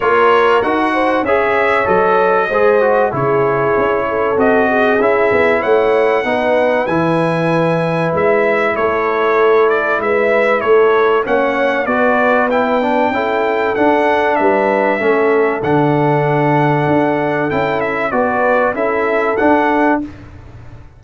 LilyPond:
<<
  \new Staff \with { instrumentName = "trumpet" } { \time 4/4 \tempo 4 = 96 cis''4 fis''4 e''4 dis''4~ | dis''4 cis''2 dis''4 | e''4 fis''2 gis''4~ | gis''4 e''4 cis''4. d''8 |
e''4 cis''4 fis''4 d''4 | g''2 fis''4 e''4~ | e''4 fis''2. | g''8 e''8 d''4 e''4 fis''4 | }
  \new Staff \with { instrumentName = "horn" } { \time 4/4 ais'4. c''8 cis''2 | c''4 gis'4. a'4 gis'8~ | gis'4 cis''4 b'2~ | b'2 a'2 |
b'4 a'4 cis''4 b'4~ | b'4 a'2 b'4 | a'1~ | a'4 b'4 a'2 | }
  \new Staff \with { instrumentName = "trombone" } { \time 4/4 f'4 fis'4 gis'4 a'4 | gis'8 fis'8 e'2 fis'4 | e'2 dis'4 e'4~ | e'1~ |
e'2 cis'4 fis'4 | e'8 d'8 e'4 d'2 | cis'4 d'2. | e'4 fis'4 e'4 d'4 | }
  \new Staff \with { instrumentName = "tuba" } { \time 4/4 ais4 dis'4 cis'4 fis4 | gis4 cis4 cis'4 c'4 | cis'8 b8 a4 b4 e4~ | e4 gis4 a2 |
gis4 a4 ais4 b4~ | b4 cis'4 d'4 g4 | a4 d2 d'4 | cis'4 b4 cis'4 d'4 | }
>>